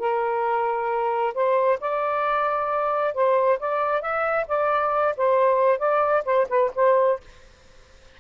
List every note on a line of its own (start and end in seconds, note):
0.00 1.34 A#4
1.35 1.79 C5
1.81 3.15 D5
3.15 3.60 C5
3.60 4.02 D5
4.02 4.47 E5
4.48 5.15 D5
5.18 5.79 C5
5.79 6.24 D5
6.25 6.48 C5
6.49 6.72 B4
6.76 7.21 C5